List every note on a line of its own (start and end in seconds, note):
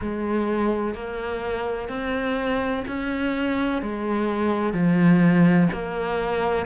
0.01 0.94 G#3
0.94 1.88 A#3
1.88 2.84 C4
2.87 3.82 C#4
3.82 4.73 G#3
4.73 5.68 F3
5.72 6.65 A#3